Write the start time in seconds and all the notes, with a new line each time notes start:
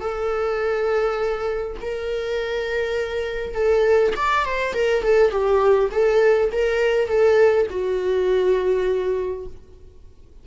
0.00 A4
1.81 A#4
3.54 A4
4.16 D5
4.45 C5
4.73 A#4
5.03 A4
5.30 G4
5.91 A4
6.52 A#4
7.07 A4
7.70 F#4